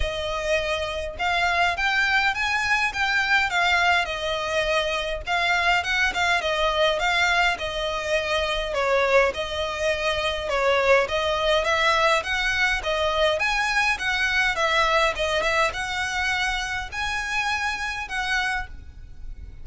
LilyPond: \new Staff \with { instrumentName = "violin" } { \time 4/4 \tempo 4 = 103 dis''2 f''4 g''4 | gis''4 g''4 f''4 dis''4~ | dis''4 f''4 fis''8 f''8 dis''4 | f''4 dis''2 cis''4 |
dis''2 cis''4 dis''4 | e''4 fis''4 dis''4 gis''4 | fis''4 e''4 dis''8 e''8 fis''4~ | fis''4 gis''2 fis''4 | }